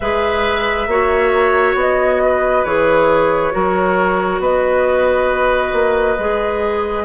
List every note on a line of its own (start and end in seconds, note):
0.00 0.86 G#3
0.00 0.89 G#4
0.00 0.89 B4
0.00 1.75 E5
0.86 1.74 A#3
0.86 2.66 F#4
0.86 2.22 C#5
1.74 2.63 B3
1.74 2.64 D#5
2.25 3.54 B4
2.64 3.53 E3
2.64 3.51 G#4
2.64 4.41 C#5
3.51 4.39 F#3
3.51 6.16 F#4
3.51 4.41 A#4
4.39 5.71 B3
4.39 7.04 B4
4.39 7.04 D#5
5.72 6.17 A#3
6.18 7.04 G#3
6.18 7.04 G#4